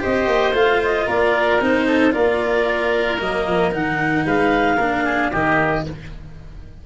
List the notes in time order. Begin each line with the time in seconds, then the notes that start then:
0.00 C4 G4 C5 D#5
0.27 A#3
0.54 A3 F4 F5
0.84 D#5
1.06 A#3 A#4 D5
1.61 C4 D#4 C5
1.87 A4
2.12 A#3 F4 A#4 D5
3.19 F#3 A#3 D#5
3.47 F3
3.71 D#3 D#4 F#5
4.26 G#3 B4 F5
4.77 A#3 D4 A#4
5.04 G#4
5.32 D#3 A#3 G4 D#5